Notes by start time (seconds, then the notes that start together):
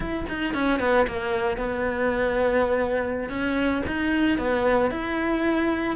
0.00 E4
0.28 D#4
0.54 C#4
0.79 B3
1.07 A#3
1.57 B3
3.29 C#4
3.86 D#4
4.38 B3
4.91 E4